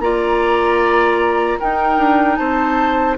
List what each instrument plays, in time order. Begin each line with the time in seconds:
0.00 bassoon A#3, clarinet F4, oboe D5, flute A#5
1.60 clarinet D#4, bassoon D#4, oboe A#4, flute G5
1.98 bassoon D4
2.36 bassoon C4, oboe C5, flute A5